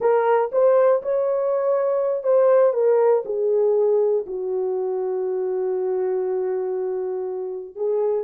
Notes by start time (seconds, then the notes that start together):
0.00 A#4
0.52 C5
1.02 C#5
2.23 C5
2.73 A#4
3.25 G#4
4.26 F#4
7.75 G#4